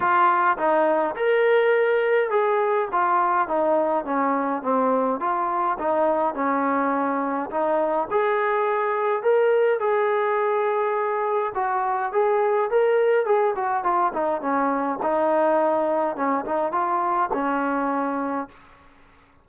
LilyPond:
\new Staff \with { instrumentName = "trombone" } { \time 4/4 \tempo 4 = 104 f'4 dis'4 ais'2 | gis'4 f'4 dis'4 cis'4 | c'4 f'4 dis'4 cis'4~ | cis'4 dis'4 gis'2 |
ais'4 gis'2. | fis'4 gis'4 ais'4 gis'8 fis'8 | f'8 dis'8 cis'4 dis'2 | cis'8 dis'8 f'4 cis'2 | }